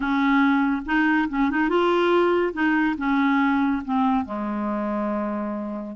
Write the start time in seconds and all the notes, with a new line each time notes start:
0.00 C#4
0.85 D#4
1.29 C#4
1.50 D#4
1.69 F4
2.53 D#4
2.97 C#4
3.84 C4
4.25 G#3